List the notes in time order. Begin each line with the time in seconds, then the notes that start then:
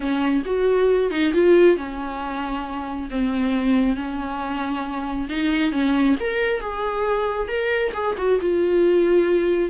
0.00 C#4
0.45 F#4
1.10 D#4
1.33 F4
1.76 C#4
3.10 C4
3.96 C#4
5.29 D#4
5.72 C#4
6.20 A#4
6.60 G#4
7.48 A#4
7.93 G#4
8.17 F#4
8.40 F4